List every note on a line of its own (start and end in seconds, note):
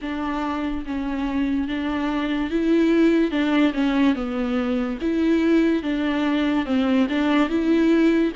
0.01 0.84 D4
0.85 1.68 C#4
1.68 2.50 D4
2.50 3.31 E4
3.31 3.72 D4
3.73 4.15 C#4
4.15 4.98 B3
5.01 5.83 E4
5.83 6.65 D4
6.65 7.07 C4
7.09 7.49 D4
7.49 8.32 E4